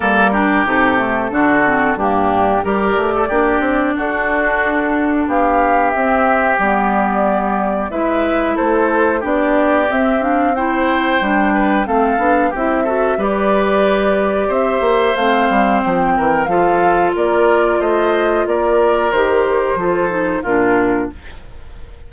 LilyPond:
<<
  \new Staff \with { instrumentName = "flute" } { \time 4/4 \tempo 4 = 91 ais'4 a'2 g'4 | d''2 a'2 | f''4 e''4 d''2 | e''4 c''4 d''4 e''8 f''8 |
g''2 f''4 e''4 | d''2 e''4 f''4 | g''4 f''4 d''4 dis''4 | d''4 c''2 ais'4 | }
  \new Staff \with { instrumentName = "oboe" } { \time 4/4 a'8 g'4. fis'4 d'4 | ais'8. a'16 g'4 fis'2 | g'1 | b'4 a'4 g'2 |
c''4. b'8 a'4 g'8 a'8 | b'2 c''2~ | c''8 ais'8 a'4 ais'4 c''4 | ais'2 a'4 f'4 | }
  \new Staff \with { instrumentName = "clarinet" } { \time 4/4 ais8 d'8 dis'8 a8 d'8 c'8 ais4 | g'4 d'2.~ | d'4 c'4 b2 | e'2 d'4 c'8 d'8 |
e'4 d'4 c'8 d'8 e'8 fis'8 | g'2. c'4~ | c'4 f'2.~ | f'4 g'4 f'8 dis'8 d'4 | }
  \new Staff \with { instrumentName = "bassoon" } { \time 4/4 g4 c4 d4 g,4 | g8 a8 ais8 c'8 d'2 | b4 c'4 g2 | gis4 a4 b4 c'4~ |
c'4 g4 a8 b8 c'4 | g2 c'8 ais8 a8 g8 | f8 e8 f4 ais4 a4 | ais4 dis4 f4 ais,4 | }
>>